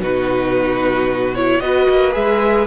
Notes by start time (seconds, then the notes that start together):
0.00 B2 D#4 F#4 B4
1.35 E4 C#5
1.60 B3 F#4 B4 D#5
1.90 A#3
2.13 G#3 G#4 E5